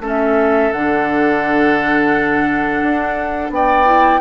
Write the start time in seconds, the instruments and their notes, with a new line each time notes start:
0.00 bassoon A3, clarinet C#4, oboe A4
0.07 flute E5
0.72 bassoon D3, clarinet D4, flute F#5
2.82 bassoon D4
3.50 bassoon B3, oboe D5, flute G5
3.85 clarinet E4